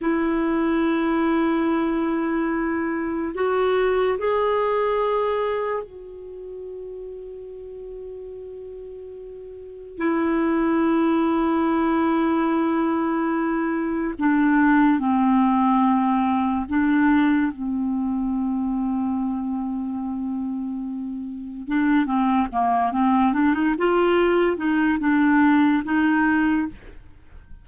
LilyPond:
\new Staff \with { instrumentName = "clarinet" } { \time 4/4 \tempo 4 = 72 e'1 | fis'4 gis'2 fis'4~ | fis'1 | e'1~ |
e'4 d'4 c'2 | d'4 c'2.~ | c'2 d'8 c'8 ais8 c'8 | d'16 dis'16 f'4 dis'8 d'4 dis'4 | }